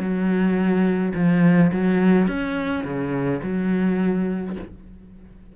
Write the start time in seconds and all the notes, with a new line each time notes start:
0.00 F#3
1.15 F3
1.73 F#3
2.28 C#4
2.84 C#3
3.43 F#3